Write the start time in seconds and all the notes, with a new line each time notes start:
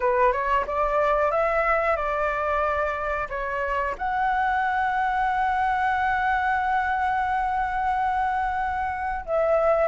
0.00 B4
0.32 C#5
0.66 D5
1.31 E5
1.96 D5
3.29 C#5
3.97 F#5
9.25 E5